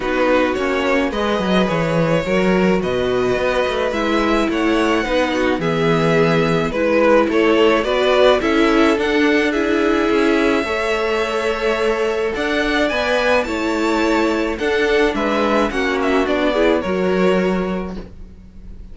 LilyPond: <<
  \new Staff \with { instrumentName = "violin" } { \time 4/4 \tempo 4 = 107 b'4 cis''4 dis''4 cis''4~ | cis''4 dis''2 e''4 | fis''2 e''2 | b'4 cis''4 d''4 e''4 |
fis''4 e''2.~ | e''2 fis''4 gis''4 | a''2 fis''4 e''4 | fis''8 e''8 d''4 cis''2 | }
  \new Staff \with { instrumentName = "violin" } { \time 4/4 fis'2 b'2 | ais'4 b'2. | cis''4 b'8 fis'8 gis'2 | b'4 a'4 b'4 a'4~ |
a'4 gis'2 cis''4~ | cis''2 d''2 | cis''2 a'4 b'4 | fis'4. gis'8 ais'2 | }
  \new Staff \with { instrumentName = "viola" } { \time 4/4 dis'4 cis'4 gis'2 | fis'2. e'4~ | e'4 dis'4 b2 | e'2 fis'4 e'4 |
d'4 e'2 a'4~ | a'2. b'4 | e'2 d'2 | cis'4 d'8 e'8 fis'2 | }
  \new Staff \with { instrumentName = "cello" } { \time 4/4 b4 ais4 gis8 fis8 e4 | fis4 b,4 b8 a8 gis4 | a4 b4 e2 | gis4 a4 b4 cis'4 |
d'2 cis'4 a4~ | a2 d'4 b4 | a2 d'4 gis4 | ais4 b4 fis2 | }
>>